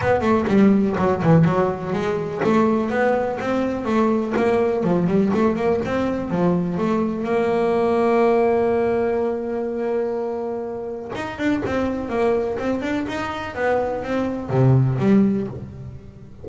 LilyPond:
\new Staff \with { instrumentName = "double bass" } { \time 4/4 \tempo 4 = 124 b8 a8 g4 fis8 e8 fis4 | gis4 a4 b4 c'4 | a4 ais4 f8 g8 a8 ais8 | c'4 f4 a4 ais4~ |
ais1~ | ais2. dis'8 d'8 | c'4 ais4 c'8 d'8 dis'4 | b4 c'4 c4 g4 | }